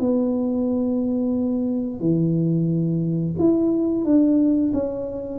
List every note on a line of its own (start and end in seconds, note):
0.00 2.00 B3
2.00 3.35 E3
3.39 4.04 E4
4.04 4.72 D4
4.74 5.39 C#4